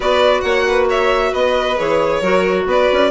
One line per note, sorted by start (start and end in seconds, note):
0.00 0.41 B3
0.00 1.77 F#4
0.00 0.43 B4
0.00 0.40 D5
0.40 1.33 A#3
0.40 0.66 C#5
0.40 0.85 F#5
0.68 0.89 B4
0.89 1.31 C#5
0.89 1.34 E5
1.31 1.77 B3
1.31 2.20 B4
1.31 1.78 D#5
1.77 2.21 E3
1.77 2.21 G#4
1.77 2.67 C#5
2.20 2.65 F#3
2.20 3.10 F#4
2.20 2.64 A#4
2.66 2.88 B3
2.66 3.10 B4
2.66 3.10 D5
2.92 3.10 C#4